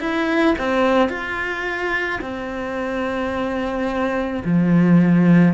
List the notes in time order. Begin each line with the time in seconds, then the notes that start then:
0.00 E4
0.59 C4
1.09 F4
2.21 C4
4.45 F3